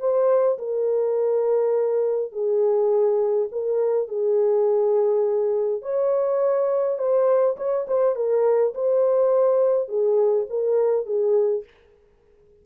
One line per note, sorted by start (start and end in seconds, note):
0.00 0.58 C5
0.59 2.32 A#4
2.32 3.49 G#4
3.52 4.08 A#4
4.08 5.83 G#4
5.83 6.98 C#5
6.98 7.57 C5
7.57 7.86 C#5
7.88 8.16 C5
8.16 8.74 A#4
8.75 9.88 C5
9.88 10.47 G#4
10.50 11.06 A#4
11.06 11.65 G#4